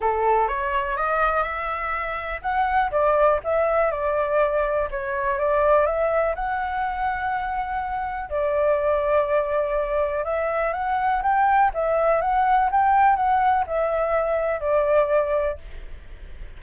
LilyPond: \new Staff \with { instrumentName = "flute" } { \time 4/4 \tempo 4 = 123 a'4 cis''4 dis''4 e''4~ | e''4 fis''4 d''4 e''4 | d''2 cis''4 d''4 | e''4 fis''2.~ |
fis''4 d''2.~ | d''4 e''4 fis''4 g''4 | e''4 fis''4 g''4 fis''4 | e''2 d''2 | }